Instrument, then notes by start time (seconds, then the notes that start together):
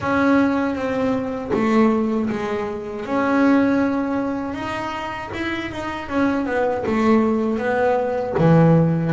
double bass
0.00 C#4
0.75 C4
1.53 A3
2.29 G#3
3.05 C#4
4.54 D#4
5.33 E4
5.71 D#4
6.08 C#4
6.46 B3
6.86 A3
7.58 B3
8.38 E3